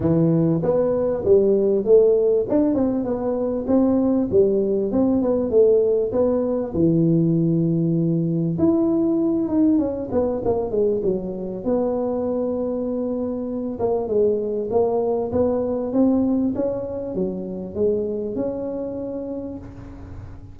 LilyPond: \new Staff \with { instrumentName = "tuba" } { \time 4/4 \tempo 4 = 98 e4 b4 g4 a4 | d'8 c'8 b4 c'4 g4 | c'8 b8 a4 b4 e4~ | e2 e'4. dis'8 |
cis'8 b8 ais8 gis8 fis4 b4~ | b2~ b8 ais8 gis4 | ais4 b4 c'4 cis'4 | fis4 gis4 cis'2 | }